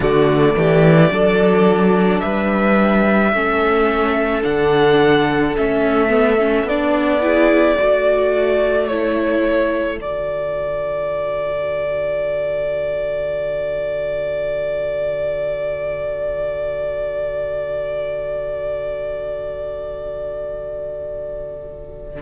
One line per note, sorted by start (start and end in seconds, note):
0.00 0.53 D3
0.00 1.10 A3
0.00 0.51 F#4
0.00 2.20 D5
0.56 1.10 E3
0.56 1.12 G4
1.10 2.21 F#3
1.10 3.32 D4
1.10 2.23 A4
2.20 3.33 G3
2.20 3.33 B4
2.20 4.42 E5
3.33 4.44 A3
3.33 4.42 C#4
3.33 7.22 A4
4.42 5.56 D3
4.42 5.53 D4
4.42 5.55 F#5
5.56 6.63 A3
5.56 6.09 C#4
5.56 6.68 E5
6.09 6.37 B3
6.39 6.67 C#4
6.63 7.75 B3
6.63 7.20 D4
6.63 8.87 D5
7.20 7.76 E4
7.20 7.78 G#4
7.78 9.98 A3
7.78 8.90 F#4
7.78 22.22 A4
8.87 9.99 E4
8.87 9.98 C#5
9.98 22.20 D3
9.98 22.21 F#4
9.98 22.22 D5